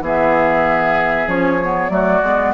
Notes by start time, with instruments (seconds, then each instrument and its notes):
0.00 bassoon E3, clarinet B3, oboe G#4, flute E5
1.27 bassoon F3, clarinet C#4, flute C#5
1.62 clarinet B3
1.89 bassoon F#3, clarinet A3, oboe F#4, flute D5
2.22 bassoon G#3, clarinet B3